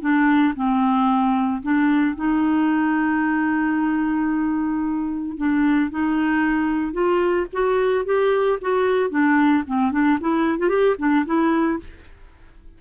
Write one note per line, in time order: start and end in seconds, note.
0.00 0.54 D4
0.55 1.62 C4
1.62 2.16 D4
2.16 5.37 D#4
5.37 5.90 D4
5.90 6.93 D#4
6.93 7.46 F4
7.52 8.05 F#4
8.05 8.58 G4
8.61 9.09 F#4
9.09 9.63 D4
9.66 9.91 C4
9.91 10.18 D4
10.20 10.59 E4
10.59 10.69 F4
10.69 10.95 G4
10.98 11.25 D4
11.25 11.79 E4